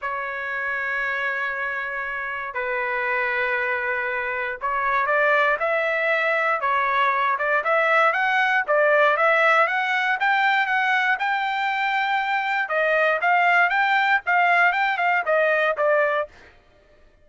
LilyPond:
\new Staff \with { instrumentName = "trumpet" } { \time 4/4 \tempo 4 = 118 cis''1~ | cis''4 b'2.~ | b'4 cis''4 d''4 e''4~ | e''4 cis''4. d''8 e''4 |
fis''4 d''4 e''4 fis''4 | g''4 fis''4 g''2~ | g''4 dis''4 f''4 g''4 | f''4 g''8 f''8 dis''4 d''4 | }